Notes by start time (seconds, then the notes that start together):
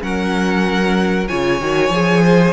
0.00 F#3 C#4 A#4 F#5
1.27 C#3 F4 C#5 G#5
1.59 D#3 F#4
1.89 F3 G#4
2.24 C5